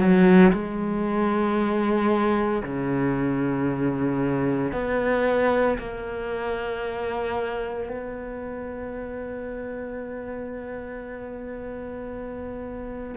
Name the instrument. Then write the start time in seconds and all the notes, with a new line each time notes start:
cello
0.00 F#3
0.53 G#3
2.64 C#3
4.73 B3
5.79 A#3
7.89 B3